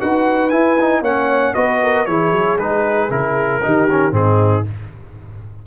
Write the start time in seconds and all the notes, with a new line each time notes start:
0.00 D#4 F#4 B4 F#5
0.50 E4 G#5
0.81 D#4
1.02 A#3 C#4 C#5 F#5
1.55 B3 F#4 B4 D#5
1.83 A#4
2.06 E3 E4 G#4 C#5
2.32 F#3
2.58 G#3 D#4 B4
3.10 C#3 E4 A#4
3.63 D#3 D#4 G4
3.91 C#4
4.12 G#2 C4 D#4 G#4